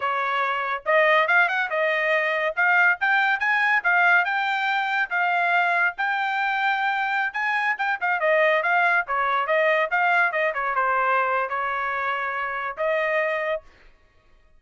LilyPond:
\new Staff \with { instrumentName = "trumpet" } { \time 4/4 \tempo 4 = 141 cis''2 dis''4 f''8 fis''8 | dis''2 f''4 g''4 | gis''4 f''4 g''2 | f''2 g''2~ |
g''4~ g''16 gis''4 g''8 f''8 dis''8.~ | dis''16 f''4 cis''4 dis''4 f''8.~ | f''16 dis''8 cis''8 c''4.~ c''16 cis''4~ | cis''2 dis''2 | }